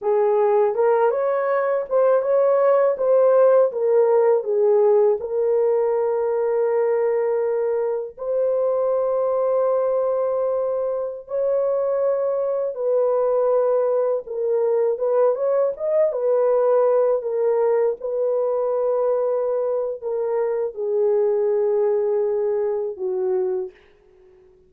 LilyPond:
\new Staff \with { instrumentName = "horn" } { \time 4/4 \tempo 4 = 81 gis'4 ais'8 cis''4 c''8 cis''4 | c''4 ais'4 gis'4 ais'4~ | ais'2. c''4~ | c''2.~ c''16 cis''8.~ |
cis''4~ cis''16 b'2 ais'8.~ | ais'16 b'8 cis''8 dis''8 b'4. ais'8.~ | ais'16 b'2~ b'8. ais'4 | gis'2. fis'4 | }